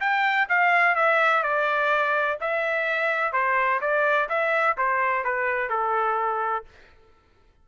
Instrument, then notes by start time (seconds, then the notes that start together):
trumpet
0.00 G5
0.49 F5
0.95 E5
1.43 D5
2.40 E5
3.32 C5
3.81 D5
4.29 E5
4.77 C5
5.24 B4
5.69 A4